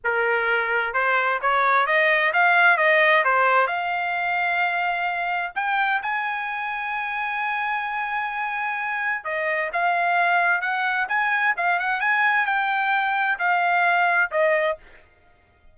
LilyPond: \new Staff \with { instrumentName = "trumpet" } { \time 4/4 \tempo 4 = 130 ais'2 c''4 cis''4 | dis''4 f''4 dis''4 c''4 | f''1 | g''4 gis''2.~ |
gis''1 | dis''4 f''2 fis''4 | gis''4 f''8 fis''8 gis''4 g''4~ | g''4 f''2 dis''4 | }